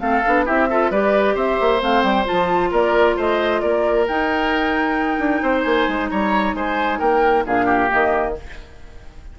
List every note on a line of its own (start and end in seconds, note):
0.00 0.23 A3
0.00 0.23 C4
0.00 0.45 A4
0.00 0.46 F5
0.26 0.49 B3
0.26 0.46 D4
0.45 0.91 C4
0.45 0.68 E4
0.45 0.68 G4
0.45 0.92 E5
0.70 0.93 F4
0.70 0.91 A4
0.91 1.35 G3
0.91 1.80 G4
0.91 1.35 B4
0.91 1.37 D5
1.35 1.58 C4
1.35 2.70 C5
1.35 1.83 E5
1.61 1.82 A#3
1.80 2.04 A3
1.80 2.25 C4
1.80 2.03 F5
2.03 2.26 G3
2.03 2.26 G5
2.25 4.06 F4
2.25 2.72 A5
2.31 2.72 F3
2.71 3.17 A#3
2.71 3.16 A#4
2.71 3.19 D5
3.17 3.62 A3
3.17 3.62 C5
3.17 3.61 D#5
3.61 4.08 A#3
3.61 5.42 A#4
3.61 4.06 D5
4.08 5.19 D#4
4.08 7.47 D#4
4.08 5.62 G5
5.19 5.42 D4
5.42 5.65 C4
5.42 6.10 C5
5.62 5.88 A#3
5.62 6.08 G#5
5.88 6.11 G#3
6.10 6.54 G3
6.10 6.56 C#5
6.10 6.55 A#5
6.54 6.99 G#3
6.54 6.99 C5
6.54 7.00 G#5
6.99 7.46 A#3
6.99 7.44 A#4
6.99 7.45 G5
7.46 7.92 A#2
7.46 7.88 D4
7.46 7.65 G#4
7.46 7.92 F5
7.65 8.33 G4
7.88 8.33 A#3
7.88 8.38 D#5
7.94 8.39 D#3